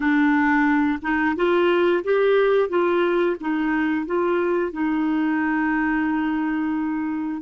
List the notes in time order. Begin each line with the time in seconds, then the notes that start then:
0.00 D4
1.01 D#4
1.36 F4
2.03 G4
2.69 F4
3.40 D#4
4.06 F4
4.72 D#4